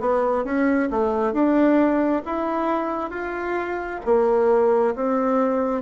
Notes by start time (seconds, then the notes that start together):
0.00 B3
0.44 C#4
0.90 A3
1.33 D4
2.25 E4
3.11 F4
4.05 A#3
4.95 C4